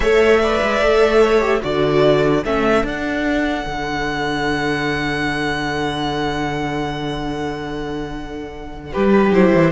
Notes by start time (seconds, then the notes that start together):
0.00 A3 A4 C#5 E5
0.42 B4 D5
0.62 G#3
0.80 A3 A4
1.21 C#5
1.40 G4
1.61 D3 F#4 A4 D5
2.44 A3 C#4 E5
2.83 D4 F#5
3.66 D3
8.92 G3 G4 B4
9.30 F#3 E4 C5
9.53 E3